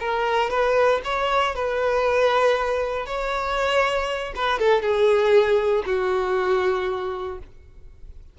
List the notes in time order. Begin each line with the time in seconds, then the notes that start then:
0.00 A#4
0.50 B4
1.04 C#5
1.55 B4
3.06 C#5
4.35 B4
4.59 A4
4.82 G#4
5.86 F#4